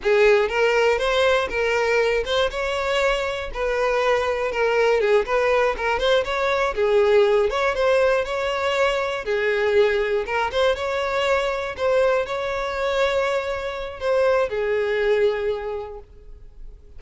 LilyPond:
\new Staff \with { instrumentName = "violin" } { \time 4/4 \tempo 4 = 120 gis'4 ais'4 c''4 ais'4~ | ais'8 c''8 cis''2 b'4~ | b'4 ais'4 gis'8 b'4 ais'8 | c''8 cis''4 gis'4. cis''8 c''8~ |
c''8 cis''2 gis'4.~ | gis'8 ais'8 c''8 cis''2 c''8~ | c''8 cis''2.~ cis''8 | c''4 gis'2. | }